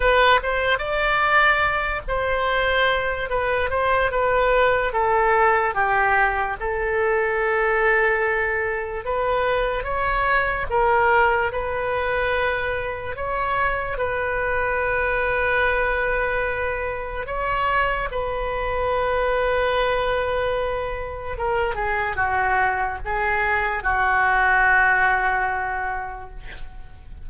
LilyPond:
\new Staff \with { instrumentName = "oboe" } { \time 4/4 \tempo 4 = 73 b'8 c''8 d''4. c''4. | b'8 c''8 b'4 a'4 g'4 | a'2. b'4 | cis''4 ais'4 b'2 |
cis''4 b'2.~ | b'4 cis''4 b'2~ | b'2 ais'8 gis'8 fis'4 | gis'4 fis'2. | }